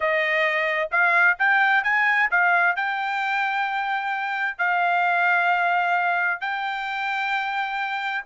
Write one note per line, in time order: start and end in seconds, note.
0.00 0.89 D#5
0.91 1.37 F5
1.39 1.83 G5
1.83 2.29 G#5
2.30 2.76 F5
2.76 4.57 G5
4.57 6.40 F5
6.40 8.23 G5